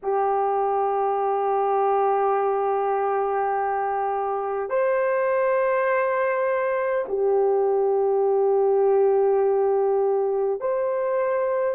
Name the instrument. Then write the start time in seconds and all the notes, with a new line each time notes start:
horn
0.03 G4
4.70 C5
7.08 G4
10.60 C5